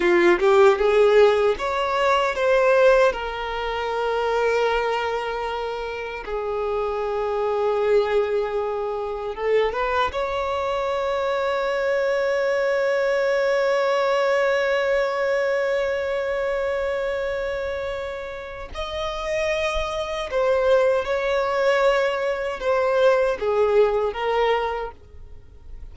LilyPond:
\new Staff \with { instrumentName = "violin" } { \time 4/4 \tempo 4 = 77 f'8 g'8 gis'4 cis''4 c''4 | ais'1 | gis'1 | a'8 b'8 cis''2.~ |
cis''1~ | cis''1 | dis''2 c''4 cis''4~ | cis''4 c''4 gis'4 ais'4 | }